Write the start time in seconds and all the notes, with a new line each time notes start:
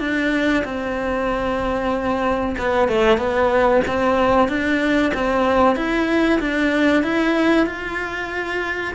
0.00 D4
0.65 C4
2.59 B3
2.89 A3
3.18 B3
3.88 C4
4.49 D4
5.14 C4
5.76 E4
6.40 D4
7.04 E4
7.67 F4